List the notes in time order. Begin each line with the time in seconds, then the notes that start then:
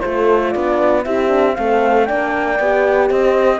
0.00 A3 F4 A4 C5
0.51 B3 D4 D5
1.05 C4 E4 G4 E5
1.29 D4
1.55 A3 C4 A4 F5
2.06 A#3 D4 D5 G5
2.60 B3 G4
3.09 C4 C5 D#5